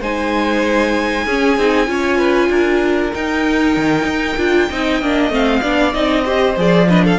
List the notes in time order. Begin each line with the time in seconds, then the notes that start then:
0.00 G#3 D#4 C5 G#5
1.25 C#4 G#4
1.57 C4 D#4
1.86 C#4 F4 C#5
2.17 B4
2.49 D4 A#4
3.14 D#4 G5
3.76 D#3
4.05 D#4
4.37 D4 F4
4.69 C4 D#4 D#5
5.01 A#3 D4
5.29 A3 C4 F5
5.61 B3 D4 D5
5.93 C4 D#4 D#5
6.24 G4 C5
6.57 F3 G#4 D5
6.88 D4 B4 D#5
7.04 A4 F5